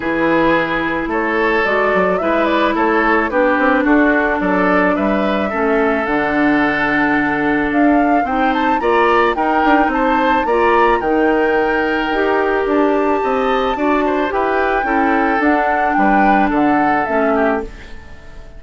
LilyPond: <<
  \new Staff \with { instrumentName = "flute" } { \time 4/4 \tempo 4 = 109 b'2 cis''4 d''4 | e''8 d''8 cis''4 b'4 a'4 | d''4 e''2 fis''4~ | fis''2 f''4 g''8 a''8 |
ais''4 g''4 a''4 ais''4 | g''2. a''4~ | a''2 g''2 | fis''4 g''4 fis''4 e''4 | }
  \new Staff \with { instrumentName = "oboe" } { \time 4/4 gis'2 a'2 | b'4 a'4 g'4 fis'4 | a'4 b'4 a'2~ | a'2. c''4 |
d''4 ais'4 c''4 d''4 | ais'1 | dis''4 d''8 c''8 b'4 a'4~ | a'4 b'4 a'4. g'8 | }
  \new Staff \with { instrumentName = "clarinet" } { \time 4/4 e'2. fis'4 | e'2 d'2~ | d'2 cis'4 d'4~ | d'2. dis'4 |
f'4 dis'2 f'4 | dis'2 g'2~ | g'4 fis'4 g'4 e'4 | d'2. cis'4 | }
  \new Staff \with { instrumentName = "bassoon" } { \time 4/4 e2 a4 gis8 fis8 | gis4 a4 b8 c'8 d'4 | fis4 g4 a4 d4~ | d2 d'4 c'4 |
ais4 dis'8 d'8 c'4 ais4 | dis2 dis'4 d'4 | c'4 d'4 e'4 cis'4 | d'4 g4 d4 a4 | }
>>